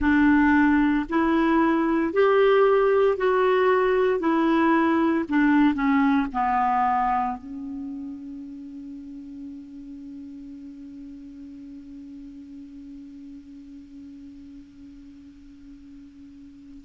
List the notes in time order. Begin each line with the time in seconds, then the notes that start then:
0.00 D4
1.09 E4
2.13 G4
3.17 F#4
4.19 E4
5.29 D4
5.74 C#4
6.33 B3
7.37 C#4